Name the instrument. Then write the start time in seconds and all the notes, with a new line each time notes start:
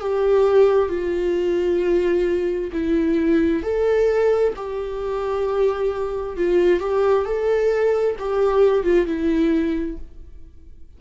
viola
0.00 G4
0.89 F4
2.72 E4
3.63 A4
4.56 G4
6.37 F4
6.80 G4
7.25 A4
8.19 G4
8.84 F4
9.07 E4